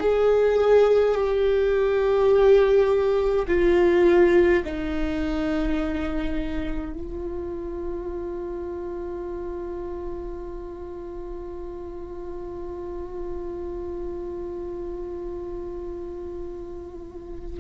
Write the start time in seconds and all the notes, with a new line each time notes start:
0.00 G#4
1.15 G4
3.48 F4
4.65 D#4
6.93 F4